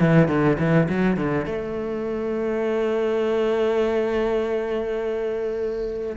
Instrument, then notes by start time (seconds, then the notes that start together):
cello
0.00 E3
0.28 D3
0.59 E3
0.89 F#3
1.17 D3
1.45 A3